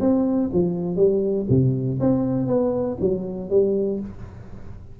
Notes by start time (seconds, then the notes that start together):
0.00 C4
0.53 F3
0.96 G3
1.49 C3
2.00 C4
2.47 B3
3.00 F#3
3.50 G3